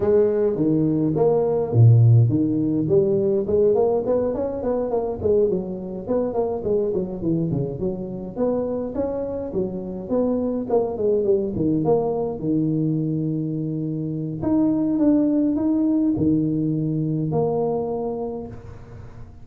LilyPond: \new Staff \with { instrumentName = "tuba" } { \time 4/4 \tempo 4 = 104 gis4 dis4 ais4 ais,4 | dis4 g4 gis8 ais8 b8 cis'8 | b8 ais8 gis8 fis4 b8 ais8 gis8 | fis8 e8 cis8 fis4 b4 cis'8~ |
cis'8 fis4 b4 ais8 gis8 g8 | dis8 ais4 dis2~ dis8~ | dis4 dis'4 d'4 dis'4 | dis2 ais2 | }